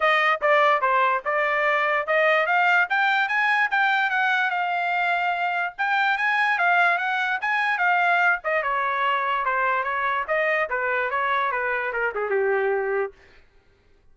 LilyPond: \new Staff \with { instrumentName = "trumpet" } { \time 4/4 \tempo 4 = 146 dis''4 d''4 c''4 d''4~ | d''4 dis''4 f''4 g''4 | gis''4 g''4 fis''4 f''4~ | f''2 g''4 gis''4 |
f''4 fis''4 gis''4 f''4~ | f''8 dis''8 cis''2 c''4 | cis''4 dis''4 b'4 cis''4 | b'4 ais'8 gis'8 g'2 | }